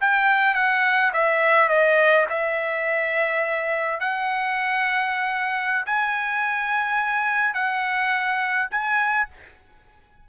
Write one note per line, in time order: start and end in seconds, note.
0.00 0.54 G5
0.54 1.11 F#5
1.13 1.69 E5
1.69 2.26 D#5
2.29 4.00 E5
4.00 5.85 F#5
5.86 7.54 G#5
7.54 8.68 F#5
8.71 9.28 G#5